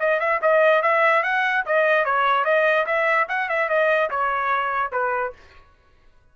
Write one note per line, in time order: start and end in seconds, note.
0.00 0.20 D#5
0.20 0.41 E5
0.42 0.83 D#5
0.83 1.23 E5
1.23 1.65 F#5
1.66 2.05 D#5
2.05 2.45 C#5
2.45 2.86 D#5
2.87 3.28 E5
3.29 3.49 F#5
3.49 3.69 E5
3.69 4.10 D#5
4.11 4.92 C#5
4.92 5.33 B4